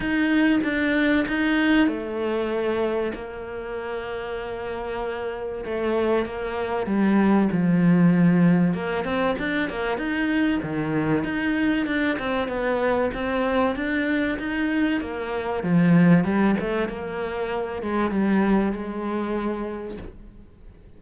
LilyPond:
\new Staff \with { instrumentName = "cello" } { \time 4/4 \tempo 4 = 96 dis'4 d'4 dis'4 a4~ | a4 ais2.~ | ais4 a4 ais4 g4 | f2 ais8 c'8 d'8 ais8 |
dis'4 dis4 dis'4 d'8 c'8 | b4 c'4 d'4 dis'4 | ais4 f4 g8 a8 ais4~ | ais8 gis8 g4 gis2 | }